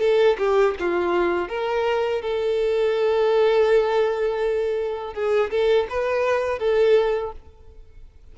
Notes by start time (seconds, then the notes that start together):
0.00 A4
0.38 G4
0.79 F4
1.48 A#4
2.22 A4
5.14 G#4
5.50 A4
5.89 B4
6.59 A4